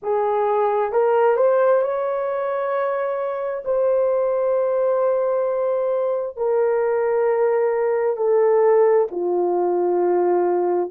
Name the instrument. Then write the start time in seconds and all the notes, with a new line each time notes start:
horn
0.02 G#4
0.92 A#4
1.36 C5
1.81 C#5
3.64 C5
6.36 A#4
8.16 A4
9.11 F4